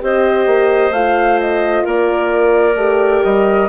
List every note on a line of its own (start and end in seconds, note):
0.00 0.46 C4
0.00 0.92 G4
0.00 1.84 C5
0.00 0.93 D#5
0.46 0.91 A#3
0.91 1.83 A3
0.91 2.76 F4
0.91 1.39 F5
1.40 1.86 D#5
1.84 2.75 A#3
1.84 3.69 A#4
1.84 3.24 D5
2.75 3.22 A3
2.75 3.69 G4
3.24 3.69 G3
3.24 3.69 D#5